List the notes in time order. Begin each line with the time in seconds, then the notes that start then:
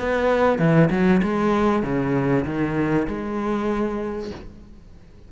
0.00 B3
0.59 E3
0.91 F#3
1.23 G#3
1.83 C#3
2.45 D#3
3.08 G#3